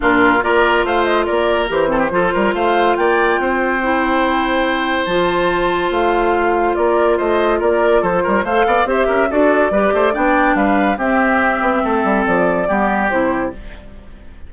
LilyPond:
<<
  \new Staff \with { instrumentName = "flute" } { \time 4/4 \tempo 4 = 142 ais'4 d''4 f''8 dis''8 d''4 | c''2 f''4 g''4~ | g''1 | a''2 f''2 |
d''4 dis''4 d''4 c''4 | f''4 e''4 d''2 | g''4 f''4 e''2~ | e''4 d''2 c''4 | }
  \new Staff \with { instrumentName = "oboe" } { \time 4/4 f'4 ais'4 c''4 ais'4~ | ais'8 a'16 g'16 a'8 ais'8 c''4 d''4 | c''1~ | c''1 |
ais'4 c''4 ais'4 a'8 ais'8 | c''8 d''8 c''8 ais'8 a'4 b'8 c''8 | d''4 b'4 g'2 | a'2 g'2 | }
  \new Staff \with { instrumentName = "clarinet" } { \time 4/4 d'4 f'2. | g'8 c'8 f'2.~ | f'4 e'2. | f'1~ |
f'1 | a'4 g'4 fis'4 g'4 | d'2 c'2~ | c'2 b4 e'4 | }
  \new Staff \with { instrumentName = "bassoon" } { \time 4/4 ais,4 ais4 a4 ais4 | e4 f8 g8 a4 ais4 | c'1 | f2 a2 |
ais4 a4 ais4 f8 g8 | a8 b8 c'8 cis'8 d'4 g8 a8 | b4 g4 c'4. b8 | a8 g8 f4 g4 c4 | }
>>